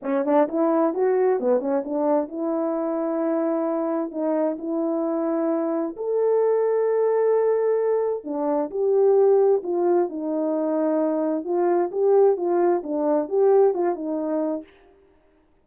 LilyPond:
\new Staff \with { instrumentName = "horn" } { \time 4/4 \tempo 4 = 131 cis'8 d'8 e'4 fis'4 b8 cis'8 | d'4 e'2.~ | e'4 dis'4 e'2~ | e'4 a'2.~ |
a'2 d'4 g'4~ | g'4 f'4 dis'2~ | dis'4 f'4 g'4 f'4 | d'4 g'4 f'8 dis'4. | }